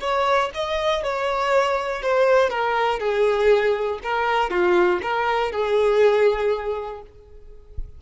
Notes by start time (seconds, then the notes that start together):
0.00 C#5
0.54 D#5
1.03 C#5
2.02 C5
2.50 A#4
2.99 G#4
4.03 A#4
4.50 F4
5.02 A#4
5.51 G#4